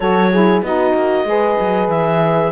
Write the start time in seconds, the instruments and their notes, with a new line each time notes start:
0.00 cello F#3, saxophone F#4, horn A4, clarinet C#5
0.31 saxophone E4, horn G#4
0.62 cello B3, saxophone D#4, horn F#4, clarinet D#5
0.94 cello A#3
1.24 cello G#3, saxophone G#4, horn B4
1.60 cello F#3
1.88 cello E3, clarinet E5